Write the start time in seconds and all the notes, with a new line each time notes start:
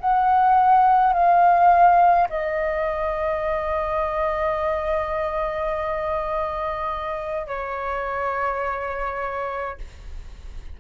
0.00 F#5
1.13 F5
2.29 D#5
7.47 C#5